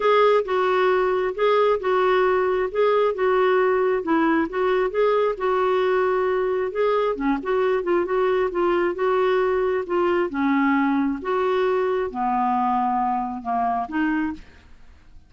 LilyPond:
\new Staff \with { instrumentName = "clarinet" } { \time 4/4 \tempo 4 = 134 gis'4 fis'2 gis'4 | fis'2 gis'4 fis'4~ | fis'4 e'4 fis'4 gis'4 | fis'2. gis'4 |
cis'8 fis'4 f'8 fis'4 f'4 | fis'2 f'4 cis'4~ | cis'4 fis'2 b4~ | b2 ais4 dis'4 | }